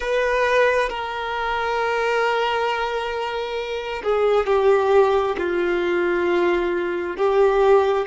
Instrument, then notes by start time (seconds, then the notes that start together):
violin
0.00 B4
0.89 A#4
4.03 G#4
4.46 G4
5.37 F4
7.16 G4